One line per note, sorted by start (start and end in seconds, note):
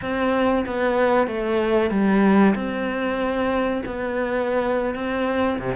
0.01 0.65 C4
0.66 1.27 B3
1.27 1.90 A3
1.90 2.54 G3
2.55 3.83 C4
3.86 4.95 B3
4.95 5.59 C4
5.59 5.75 C3